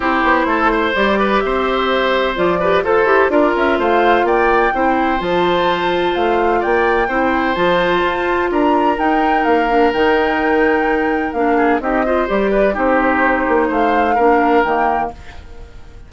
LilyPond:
<<
  \new Staff \with { instrumentName = "flute" } { \time 4/4 \tempo 4 = 127 c''2 d''4 e''4~ | e''4 d''4 c''4 d''8 e''8 | f''4 g''2 a''4~ | a''4 f''4 g''2 |
a''2 ais''4 g''4 | f''4 g''2. | f''4 dis''4 d''4 c''4~ | c''4 f''2 g''4 | }
  \new Staff \with { instrumentName = "oboe" } { \time 4/4 g'4 a'8 c''4 b'8 c''4~ | c''4. b'8 a'4 ais'4 | c''4 d''4 c''2~ | c''2 d''4 c''4~ |
c''2 ais'2~ | ais'1~ | ais'8 gis'8 g'8 c''4 b'8 g'4~ | g'4 c''4 ais'2 | }
  \new Staff \with { instrumentName = "clarinet" } { \time 4/4 e'2 g'2~ | g'4 f'8 g'8 a'8 g'8 f'4~ | f'2 e'4 f'4~ | f'2. e'4 |
f'2. dis'4~ | dis'8 d'8 dis'2. | d'4 dis'8 f'8 g'4 dis'4~ | dis'2 d'4 ais4 | }
  \new Staff \with { instrumentName = "bassoon" } { \time 4/4 c'8 b8 a4 g4 c'4~ | c'4 f4 f'8 e'8 d'8 cis'8 | a4 ais4 c'4 f4~ | f4 a4 ais4 c'4 |
f4 f'4 d'4 dis'4 | ais4 dis2. | ais4 c'4 g4 c'4~ | c'8 ais8 a4 ais4 dis4 | }
>>